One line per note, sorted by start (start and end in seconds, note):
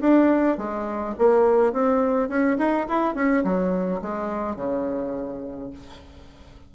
0.00 0.57 D4
0.57 1.15 G#3
1.18 1.72 A#3
1.72 2.29 C4
2.29 2.57 C#4
2.58 2.86 D#4
2.88 3.15 E4
3.15 3.43 C#4
3.44 4.01 F#3
4.01 4.56 G#3
4.56 5.70 C#3